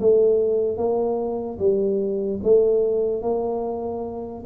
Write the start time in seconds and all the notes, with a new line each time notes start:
0.00 A3
0.77 A#3
1.59 G3
2.43 A3
3.22 A#3